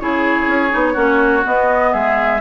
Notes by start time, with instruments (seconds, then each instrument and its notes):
0.00 bassoon C#3, clarinet E4, oboe G#4, flute C#5
0.47 bassoon C#4
0.70 bassoon B3, clarinet D#4
0.93 bassoon A#3, clarinet C#4, oboe F#4
1.44 clarinet B3, bassoon B3, flute D#5
1.93 bassoon G#3, oboe G#4, flute E5